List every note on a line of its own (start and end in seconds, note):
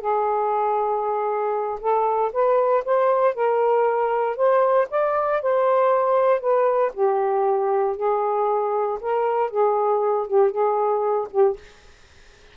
0.00 1.79 G#4
1.80 2.31 A4
2.33 2.84 B4
2.85 3.34 C5
3.34 4.36 A#4
4.36 4.88 C5
4.90 5.42 D5
5.42 6.40 C5
6.40 6.92 B4
6.93 7.96 G4
7.96 8.99 G#4
9.01 9.50 A#4
9.50 10.27 G#4
10.27 10.51 G4
10.51 11.28 G#4
11.31 11.56 G4